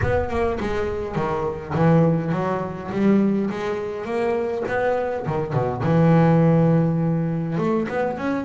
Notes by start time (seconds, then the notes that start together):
0.02 B3
0.29 A#3
0.60 G#3
1.15 D#3
1.74 E3
2.31 F#3
2.91 G3
3.50 G#3
4.05 A#3
4.68 B3
5.26 D#3
5.53 B2
5.83 E3
7.58 A3
7.88 B3
8.17 C#4